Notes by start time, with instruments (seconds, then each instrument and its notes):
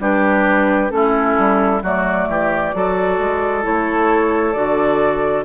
0.00 bassoon G3, clarinet D4, oboe G4, flute B4
0.90 bassoon A3, clarinet C#4, oboe E4, flute A4
1.38 bassoon G3
1.83 bassoon F#3, clarinet A3, oboe F#4, flute D5
2.29 bassoon E3, oboe G4
2.73 bassoon F#3, clarinet F#4, oboe A4
3.19 bassoon G#3
3.62 bassoon A3, clarinet E4, flute C#5
4.53 bassoon D3, clarinet F#4, flute D5